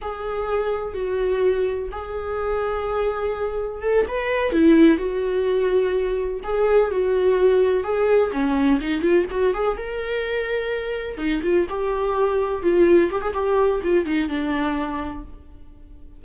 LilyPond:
\new Staff \with { instrumentName = "viola" } { \time 4/4 \tempo 4 = 126 gis'2 fis'2 | gis'1 | a'8 b'4 e'4 fis'4.~ | fis'4. gis'4 fis'4.~ |
fis'8 gis'4 cis'4 dis'8 f'8 fis'8 | gis'8 ais'2. dis'8 | f'8 g'2 f'4 g'16 gis'16 | g'4 f'8 dis'8 d'2 | }